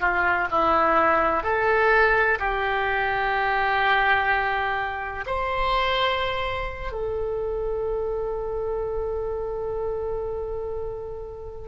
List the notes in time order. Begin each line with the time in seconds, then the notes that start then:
0.00 F4
0.51 E4
1.43 A4
2.39 G4
5.26 C5
6.92 A4